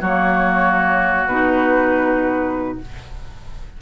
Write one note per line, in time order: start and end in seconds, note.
0.00 1.26 F#3
0.00 1.30 A#3
0.00 2.77 F#4
0.00 1.27 C#5
1.26 2.78 B2
1.26 2.81 D#4
1.26 2.78 B4